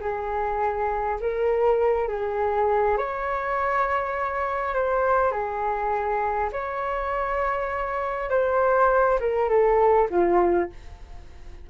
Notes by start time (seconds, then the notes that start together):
0.00 G#4
1.20 A#4
2.08 G#4
2.97 C#5
4.74 C5
5.31 G#4
6.52 C#5
8.30 C5
9.19 A#4
9.49 A4
10.10 F4